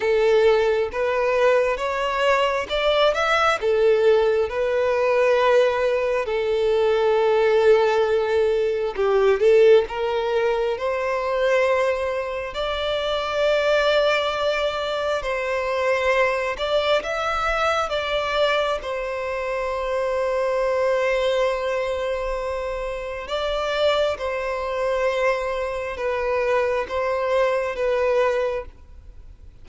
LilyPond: \new Staff \with { instrumentName = "violin" } { \time 4/4 \tempo 4 = 67 a'4 b'4 cis''4 d''8 e''8 | a'4 b'2 a'4~ | a'2 g'8 a'8 ais'4 | c''2 d''2~ |
d''4 c''4. d''8 e''4 | d''4 c''2.~ | c''2 d''4 c''4~ | c''4 b'4 c''4 b'4 | }